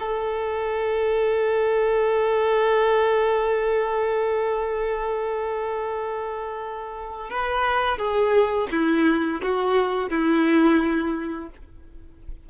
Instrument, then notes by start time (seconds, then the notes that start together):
violin
0.00 A4
7.30 B4
7.99 G#4
8.72 E4
9.42 F#4
10.10 E4